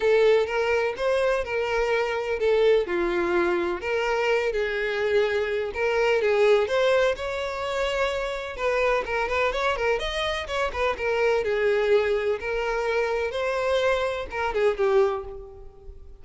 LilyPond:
\new Staff \with { instrumentName = "violin" } { \time 4/4 \tempo 4 = 126 a'4 ais'4 c''4 ais'4~ | ais'4 a'4 f'2 | ais'4. gis'2~ gis'8 | ais'4 gis'4 c''4 cis''4~ |
cis''2 b'4 ais'8 b'8 | cis''8 ais'8 dis''4 cis''8 b'8 ais'4 | gis'2 ais'2 | c''2 ais'8 gis'8 g'4 | }